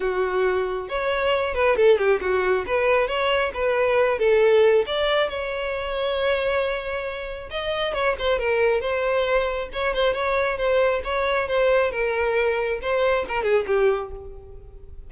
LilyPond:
\new Staff \with { instrumentName = "violin" } { \time 4/4 \tempo 4 = 136 fis'2 cis''4. b'8 | a'8 g'8 fis'4 b'4 cis''4 | b'4. a'4. d''4 | cis''1~ |
cis''4 dis''4 cis''8 c''8 ais'4 | c''2 cis''8 c''8 cis''4 | c''4 cis''4 c''4 ais'4~ | ais'4 c''4 ais'8 gis'8 g'4 | }